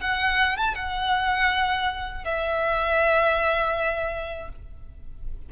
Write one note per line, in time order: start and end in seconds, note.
0.00 0.56 F#5
0.56 0.74 A5
0.74 2.24 F#5
2.24 4.49 E5